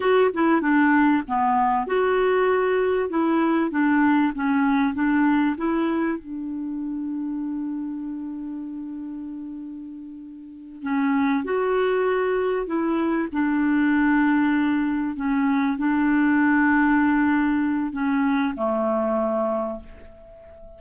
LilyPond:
\new Staff \with { instrumentName = "clarinet" } { \time 4/4 \tempo 4 = 97 fis'8 e'8 d'4 b4 fis'4~ | fis'4 e'4 d'4 cis'4 | d'4 e'4 d'2~ | d'1~ |
d'4. cis'4 fis'4.~ | fis'8 e'4 d'2~ d'8~ | d'8 cis'4 d'2~ d'8~ | d'4 cis'4 a2 | }